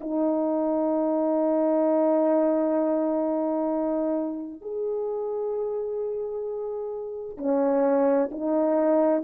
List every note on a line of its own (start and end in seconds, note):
0.00 4.61 D#4
4.61 7.37 G#4
7.37 8.30 C#4
8.31 9.23 D#4